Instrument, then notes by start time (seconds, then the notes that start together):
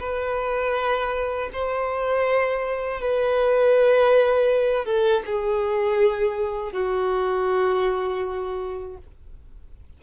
violin
0.00 B4
1.53 C5
3.01 B4
4.85 A4
5.26 G#4
6.73 F#4